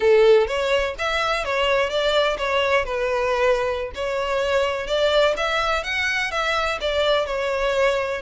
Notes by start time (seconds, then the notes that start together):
0.00 A4
0.47 C#5
0.98 E5
1.44 C#5
1.89 D5
2.37 C#5
2.84 B4
3.95 C#5
4.87 D5
5.36 E5
5.83 F#5
6.31 E5
6.81 D5
7.26 C#5